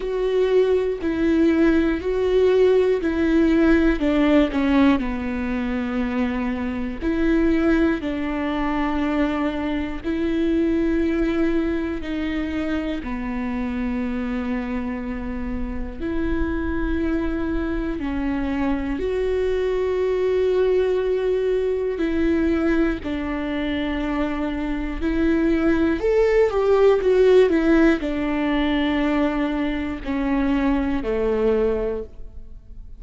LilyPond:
\new Staff \with { instrumentName = "viola" } { \time 4/4 \tempo 4 = 60 fis'4 e'4 fis'4 e'4 | d'8 cis'8 b2 e'4 | d'2 e'2 | dis'4 b2. |
e'2 cis'4 fis'4~ | fis'2 e'4 d'4~ | d'4 e'4 a'8 g'8 fis'8 e'8 | d'2 cis'4 a4 | }